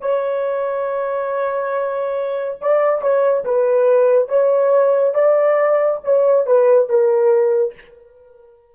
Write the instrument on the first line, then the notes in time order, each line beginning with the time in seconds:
horn
0.00 C#5
2.60 D5
3.01 C#5
3.44 B4
4.28 C#5
5.14 D5
6.03 C#5
6.46 B4
6.88 A#4